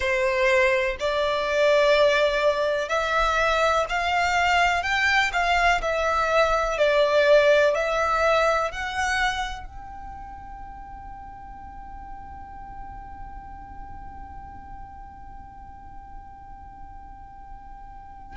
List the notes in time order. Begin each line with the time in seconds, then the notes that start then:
0.00 C5
0.99 D5
2.89 E5
3.89 F5
4.83 G5
5.32 F5
5.81 E5
6.77 D5
7.75 E5
8.71 F#5
9.66 G5